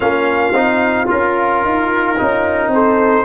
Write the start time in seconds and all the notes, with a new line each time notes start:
0.00 A#3 C#4 F4 F5
0.52 C4 D#4
1.06 C#4 F4 A#4
1.65 D#4
2.17 C#4 D#4
2.68 C4 A4
2.74 C5